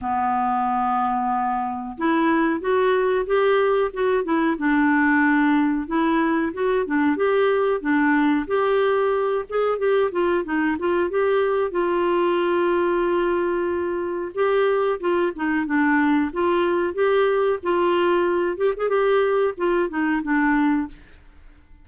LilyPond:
\new Staff \with { instrumentName = "clarinet" } { \time 4/4 \tempo 4 = 92 b2. e'4 | fis'4 g'4 fis'8 e'8 d'4~ | d'4 e'4 fis'8 d'8 g'4 | d'4 g'4. gis'8 g'8 f'8 |
dis'8 f'8 g'4 f'2~ | f'2 g'4 f'8 dis'8 | d'4 f'4 g'4 f'4~ | f'8 g'16 gis'16 g'4 f'8 dis'8 d'4 | }